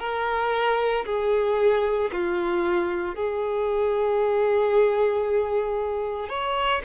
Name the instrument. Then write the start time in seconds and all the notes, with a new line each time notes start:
violin
0.00 A#4
1.06 G#4
2.12 F4
3.16 G#4
6.29 C#5